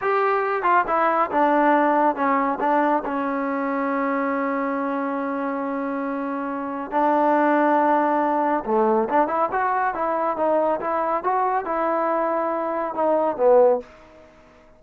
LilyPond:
\new Staff \with { instrumentName = "trombone" } { \time 4/4 \tempo 4 = 139 g'4. f'8 e'4 d'4~ | d'4 cis'4 d'4 cis'4~ | cis'1~ | cis'1 |
d'1 | a4 d'8 e'8 fis'4 e'4 | dis'4 e'4 fis'4 e'4~ | e'2 dis'4 b4 | }